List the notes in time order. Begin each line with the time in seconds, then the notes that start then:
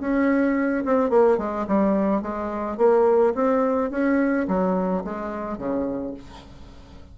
0.00 C#4
0.85 C4
1.10 A#3
1.38 G#3
1.67 G3
2.22 G#3
2.78 A#3
3.35 C4
3.91 C#4
4.48 F#3
5.04 G#3
5.58 C#3